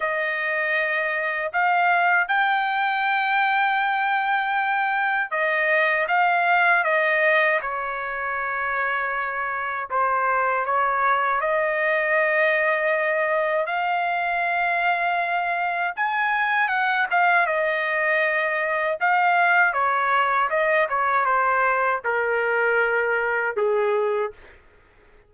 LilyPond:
\new Staff \with { instrumentName = "trumpet" } { \time 4/4 \tempo 4 = 79 dis''2 f''4 g''4~ | g''2. dis''4 | f''4 dis''4 cis''2~ | cis''4 c''4 cis''4 dis''4~ |
dis''2 f''2~ | f''4 gis''4 fis''8 f''8 dis''4~ | dis''4 f''4 cis''4 dis''8 cis''8 | c''4 ais'2 gis'4 | }